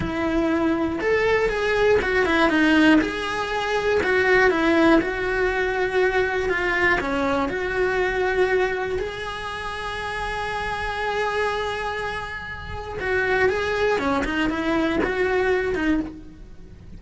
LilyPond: \new Staff \with { instrumentName = "cello" } { \time 4/4 \tempo 4 = 120 e'2 a'4 gis'4 | fis'8 e'8 dis'4 gis'2 | fis'4 e'4 fis'2~ | fis'4 f'4 cis'4 fis'4~ |
fis'2 gis'2~ | gis'1~ | gis'2 fis'4 gis'4 | cis'8 dis'8 e'4 fis'4. dis'8 | }